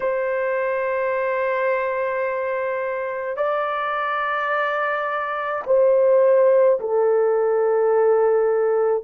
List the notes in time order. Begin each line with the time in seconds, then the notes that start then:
0.00 C5
3.37 D5
5.66 C5
6.80 A4